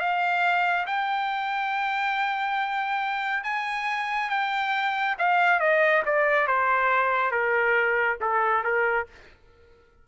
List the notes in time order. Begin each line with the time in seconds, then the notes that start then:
0.00 F5
0.87 G5
3.44 G#5
4.30 G5
5.19 F5
5.60 D#5
6.06 D5
6.47 C5
7.31 A#4
8.21 A4
8.64 A#4